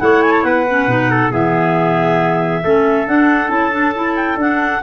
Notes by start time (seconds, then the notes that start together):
0.00 A3 E4 C#5 F#5
0.22 G#5
0.31 A5
0.43 B3 B4 F#5
0.69 C#4
0.87 B2 D#4
1.10 A4
1.31 E3 B3 G#4 E5
2.64 A3 C#4 A4
3.07 D4 F#5
3.49 C#4 E4 A5
3.72 D4
3.95 E4
4.15 G5
4.37 D4 F#5